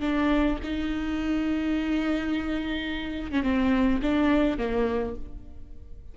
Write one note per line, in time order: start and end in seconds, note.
0.00 0.57 D4
0.63 3.31 D#4
3.31 3.43 C#4
3.43 4.00 C4
4.02 4.57 D4
4.57 5.15 A#3